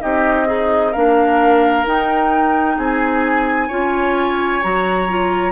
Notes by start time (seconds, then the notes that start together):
0.00 C4 D#4 G4 D#5
0.46 D#4 G#4
0.91 A#3 D4 A#4 F5
1.85 D#4 G5
2.77 C4 G#4 G#5
3.68 C#4 F4 C#5
4.62 F#3 F#4 A#5
5.09 F4